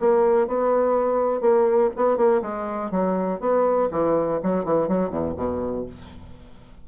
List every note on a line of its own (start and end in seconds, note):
0.00 0.48 A#3
0.48 1.41 B3
1.41 1.90 A#3
1.96 2.17 B3
2.17 2.42 A#3
2.42 2.91 G#3
2.91 3.40 F#3
3.40 3.90 B3
3.91 4.40 E3
4.44 4.65 F#3
4.65 4.89 E3
4.89 5.10 F#3
5.10 5.35 E2
5.37 5.86 B2